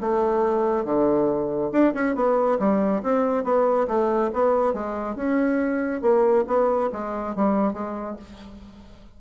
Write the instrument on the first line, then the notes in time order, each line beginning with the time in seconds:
bassoon
0.00 A3
0.84 D3
1.72 D4
1.94 C#4
2.15 B3
2.59 G3
3.03 C4
3.44 B3
3.87 A3
4.33 B3
4.73 G#3
5.15 C#4
6.01 A#3
6.47 B3
6.92 G#3
7.35 G3
7.73 G#3